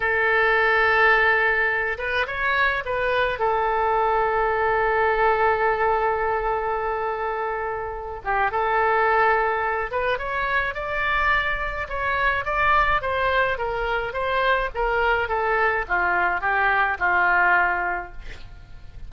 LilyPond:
\new Staff \with { instrumentName = "oboe" } { \time 4/4 \tempo 4 = 106 a'2.~ a'8 b'8 | cis''4 b'4 a'2~ | a'1~ | a'2~ a'8 g'8 a'4~ |
a'4. b'8 cis''4 d''4~ | d''4 cis''4 d''4 c''4 | ais'4 c''4 ais'4 a'4 | f'4 g'4 f'2 | }